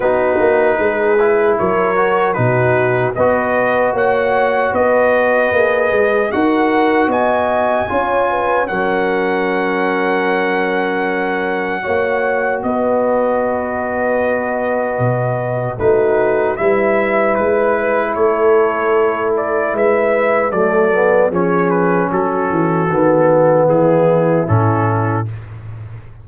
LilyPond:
<<
  \new Staff \with { instrumentName = "trumpet" } { \time 4/4 \tempo 4 = 76 b'2 cis''4 b'4 | dis''4 fis''4 dis''2 | fis''4 gis''2 fis''4~ | fis''1 |
dis''1 | b'4 e''4 b'4 cis''4~ | cis''8 d''8 e''4 d''4 cis''8 b'8 | a'2 gis'4 a'4 | }
  \new Staff \with { instrumentName = "horn" } { \time 4/4 fis'4 gis'4 ais'4 fis'4 | b'4 cis''4 b'2 | ais'4 dis''4 cis''8 b'8 ais'4~ | ais'2. cis''4 |
b'1 | fis'4 b'2 a'4~ | a'4 b'4 a'4 gis'4 | fis'2 e'2 | }
  \new Staff \with { instrumentName = "trombone" } { \time 4/4 dis'4. e'4 fis'8 dis'4 | fis'2. gis'4 | fis'2 f'4 cis'4~ | cis'2. fis'4~ |
fis'1 | dis'4 e'2.~ | e'2 a8 b8 cis'4~ | cis'4 b2 cis'4 | }
  \new Staff \with { instrumentName = "tuba" } { \time 4/4 b8 ais8 gis4 fis4 b,4 | b4 ais4 b4 ais8 gis8 | dis'4 b4 cis'4 fis4~ | fis2. ais4 |
b2. b,4 | a4 g4 gis4 a4~ | a4 gis4 fis4 f4 | fis8 e8 dis4 e4 a,4 | }
>>